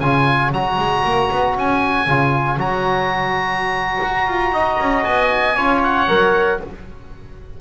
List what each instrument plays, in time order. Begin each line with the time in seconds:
0.00 double bass C#3, trombone F4, trumpet C#5, oboe G#5
0.51 double bass F#3, trombone F#4, oboe A#5
0.78 double bass G#3
1.04 double bass A#3
1.31 double bass B3
1.56 double bass C#4, oboe G#5
2.07 double bass C#3, trombone F4
2.57 double bass F#3, trombone F#4, oboe A#5
4.03 double bass F#4
4.27 double bass F4
4.52 double bass D#4, trumpet D#5
4.79 double bass C#4
5.04 double bass B3, oboe G#5
5.55 double bass C#4, trombone F4, trumpet C#5
5.83 oboe F#5
6.08 double bass F#3, trombone A#4